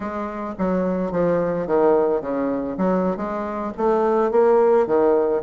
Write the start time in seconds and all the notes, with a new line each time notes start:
0.00 G#3
0.58 F#3
1.11 F3
1.66 D#3
2.21 C#3
2.77 F#3
3.16 G#3
3.77 A3
4.31 A#3
4.86 D#3